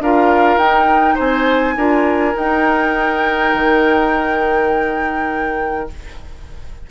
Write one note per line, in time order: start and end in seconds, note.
0.00 0.57 D4
0.00 0.61 F4
0.00 1.15 A#4
0.00 0.58 F5
0.57 1.16 D#4
0.57 1.78 D#4
0.57 1.17 G5
1.15 1.77 C4
1.15 1.74 C5
1.15 2.38 G#5
1.77 2.35 D4
1.77 2.34 F4
1.77 5.89 A#4
2.34 5.87 D#4
2.34 3.54 D#4
2.34 5.91 G5
3.54 5.90 D#3